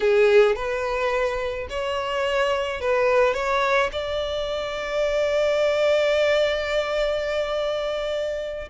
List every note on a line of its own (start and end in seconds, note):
0.00 0.55 G#4
0.55 1.67 B4
1.69 2.80 C#5
2.80 3.33 B4
3.33 3.89 C#5
3.92 8.68 D5